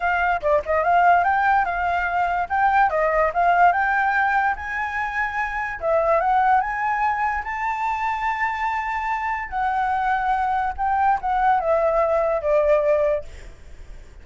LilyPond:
\new Staff \with { instrumentName = "flute" } { \time 4/4 \tempo 4 = 145 f''4 d''8 dis''8 f''4 g''4 | f''2 g''4 dis''4 | f''4 g''2 gis''4~ | gis''2 e''4 fis''4 |
gis''2 a''2~ | a''2. fis''4~ | fis''2 g''4 fis''4 | e''2 d''2 | }